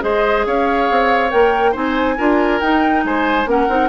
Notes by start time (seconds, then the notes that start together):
0.00 G#3 G#4 C5 D#5
0.46 C#4 C#5 F5
0.90 C4
1.30 A#3 A#4 G5
1.71 C4 D#4 C5 G#5
2.17 D4 F4 A#4
2.60 D#4 G5
3.04 G#3 C5 G#5
3.46 A#3 C#4 A#4 F#5
3.68 C4 D#4